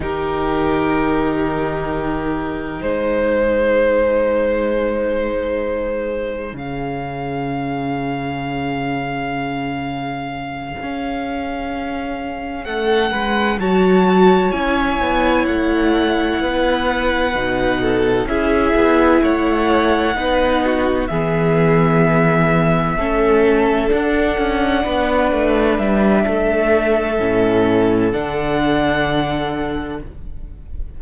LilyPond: <<
  \new Staff \with { instrumentName = "violin" } { \time 4/4 \tempo 4 = 64 ais'2. c''4~ | c''2. f''4~ | f''1~ | f''4. fis''4 a''4 gis''8~ |
gis''8 fis''2. e''8~ | e''8 fis''2 e''4.~ | e''4. fis''2 e''8~ | e''2 fis''2 | }
  \new Staff \with { instrumentName = "violin" } { \time 4/4 g'2. gis'4~ | gis'1~ | gis'1~ | gis'4. a'8 b'8 cis''4.~ |
cis''4. b'4. a'8 gis'8~ | gis'8 cis''4 b'8 fis'8 gis'4.~ | gis'8 a'2 b'4. | a'1 | }
  \new Staff \with { instrumentName = "viola" } { \time 4/4 dis'1~ | dis'2. cis'4~ | cis'1~ | cis'2~ cis'8 fis'4 e'8~ |
e'2~ e'8 dis'4 e'8~ | e'4. dis'4 b4.~ | b8 cis'4 d'2~ d'8~ | d'4 cis'4 d'2 | }
  \new Staff \with { instrumentName = "cello" } { \time 4/4 dis2. gis4~ | gis2. cis4~ | cis2.~ cis8 cis'8~ | cis'4. a8 gis8 fis4 cis'8 |
b8 a4 b4 b,4 cis'8 | b8 a4 b4 e4.~ | e8 a4 d'8 cis'8 b8 a8 g8 | a4 a,4 d2 | }
>>